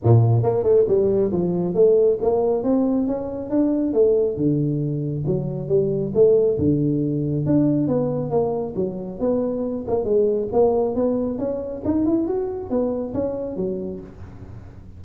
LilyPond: \new Staff \with { instrumentName = "tuba" } { \time 4/4 \tempo 4 = 137 ais,4 ais8 a8 g4 f4 | a4 ais4 c'4 cis'4 | d'4 a4 d2 | fis4 g4 a4 d4~ |
d4 d'4 b4 ais4 | fis4 b4. ais8 gis4 | ais4 b4 cis'4 dis'8 e'8 | fis'4 b4 cis'4 fis4 | }